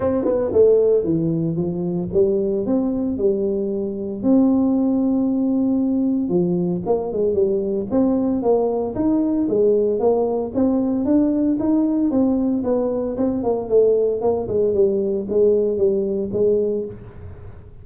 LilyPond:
\new Staff \with { instrumentName = "tuba" } { \time 4/4 \tempo 4 = 114 c'8 b8 a4 e4 f4 | g4 c'4 g2 | c'1 | f4 ais8 gis8 g4 c'4 |
ais4 dis'4 gis4 ais4 | c'4 d'4 dis'4 c'4 | b4 c'8 ais8 a4 ais8 gis8 | g4 gis4 g4 gis4 | }